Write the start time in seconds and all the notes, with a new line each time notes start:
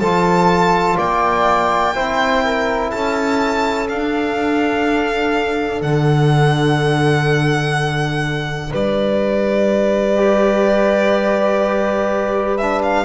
0.00 F3 F4 A4 A5
0.97 A#3 D5 G5
1.95 C4 E4 C5
2.45 A#4
2.90 C#4 A4 A5
3.89 D4 F5
5.82 D3 F#5
8.71 G3 B4 D5
10.17 G4
12.58 D4 E5
12.83 F5